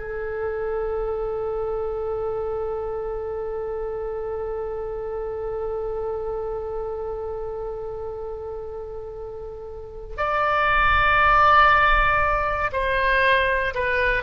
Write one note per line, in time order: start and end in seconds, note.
0.00 10.17 A4
10.17 12.72 D5
12.73 13.75 C5
13.75 14.24 B4